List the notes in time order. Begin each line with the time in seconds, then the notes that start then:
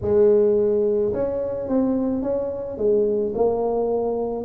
0.02 G#3
1.13 C#4
1.68 C4
2.22 C#4
2.77 G#3
3.34 A#3